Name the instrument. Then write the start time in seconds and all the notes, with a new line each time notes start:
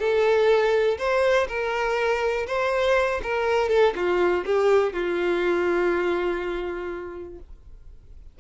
violin
0.00 A4
0.99 C5
1.49 A#4
2.47 C5
3.23 A#4
3.70 A4
3.96 F4
4.46 G4
4.94 F4